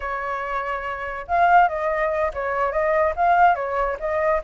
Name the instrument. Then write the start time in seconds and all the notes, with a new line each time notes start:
flute
0.00 C#5
1.27 F5
1.68 D#5
2.33 C#5
2.71 D#5
3.16 F5
3.55 C#5
3.99 D#5